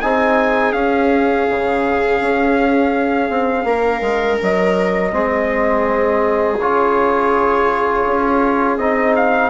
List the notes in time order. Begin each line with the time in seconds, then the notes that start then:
0.00 C4 D#4 G#4 G#5
0.72 C#4 F5
1.49 C#3
2.20 C#4
3.29 C4
3.64 A#3 A#4
4.01 G#3
4.42 F#3 D#5
5.11 G#3 C4 G#4
6.59 C#3 F4 C#5
8.05 C#4
8.77 C4 D#4 D#5
9.15 F5